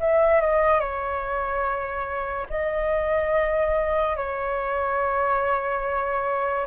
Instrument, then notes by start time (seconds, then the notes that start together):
flute
0.00 E5
0.41 D#5
0.80 C#5
2.50 D#5
4.17 C#5